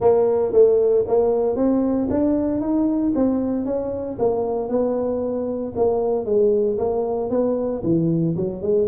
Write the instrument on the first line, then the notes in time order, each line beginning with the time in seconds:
tuba
0.00 A#3
0.52 A3
1.07 A#3
1.56 C4
2.10 D4
2.60 D#4
3.15 C4
3.65 C#4
4.19 A#3
4.69 B3
5.76 A#3
6.25 G#3
6.78 A#3
7.30 B3
7.83 E3
8.36 F#3
8.61 G#3